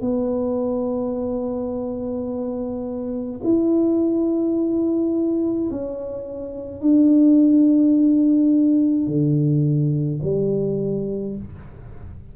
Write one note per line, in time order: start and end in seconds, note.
0.00 3.40 B3
3.43 5.70 E4
5.70 6.81 C#4
6.81 9.06 D4
9.06 10.19 D3
10.22 11.36 G3